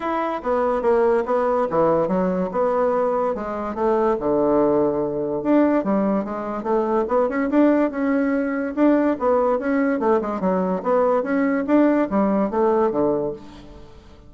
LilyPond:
\new Staff \with { instrumentName = "bassoon" } { \time 4/4 \tempo 4 = 144 e'4 b4 ais4 b4 | e4 fis4 b2 | gis4 a4 d2~ | d4 d'4 g4 gis4 |
a4 b8 cis'8 d'4 cis'4~ | cis'4 d'4 b4 cis'4 | a8 gis8 fis4 b4 cis'4 | d'4 g4 a4 d4 | }